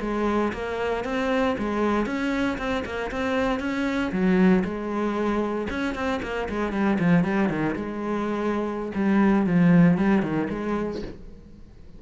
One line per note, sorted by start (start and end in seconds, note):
0.00 0.52 G#3
0.52 1.04 A#3
1.04 1.56 C4
1.58 2.05 G#3
2.05 2.57 C#4
2.58 2.84 C4
2.84 3.10 A#3
3.11 3.59 C4
3.59 4.11 C#4
4.11 4.63 F#3
4.64 5.67 G#3
5.70 5.95 C#4
5.95 6.20 C4
6.22 6.48 A#3
6.49 6.72 G#3
6.72 6.98 G3
6.99 7.23 F3
7.23 7.49 G3
7.49 7.75 D#3
7.75 8.92 G#3
8.94 9.46 G3
9.46 9.97 F3
9.97 10.22 G3
10.22 10.48 D#3
10.50 11.01 G#3